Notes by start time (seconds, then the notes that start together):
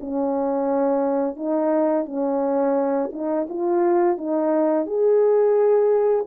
0.00 C#4
1.36 D#4
2.05 C#4
3.12 D#4
3.49 F4
4.17 D#4
4.86 G#4